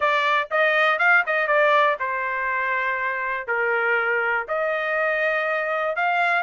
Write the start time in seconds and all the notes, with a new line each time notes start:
0.00 D5
0.50 D#5
0.98 F5
1.26 D#5
1.47 D5
1.99 C5
3.47 A#4
4.48 D#5
5.95 F5